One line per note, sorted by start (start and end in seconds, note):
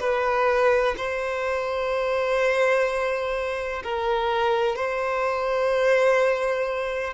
0.00 0.95 B4
0.97 3.83 C5
3.84 4.76 A#4
4.76 7.14 C5